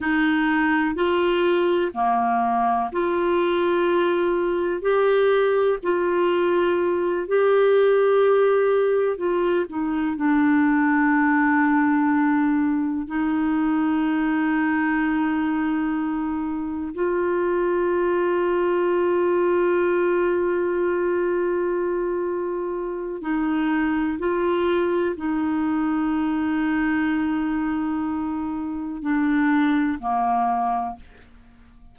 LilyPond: \new Staff \with { instrumentName = "clarinet" } { \time 4/4 \tempo 4 = 62 dis'4 f'4 ais4 f'4~ | f'4 g'4 f'4. g'8~ | g'4. f'8 dis'8 d'4.~ | d'4. dis'2~ dis'8~ |
dis'4. f'2~ f'8~ | f'1 | dis'4 f'4 dis'2~ | dis'2 d'4 ais4 | }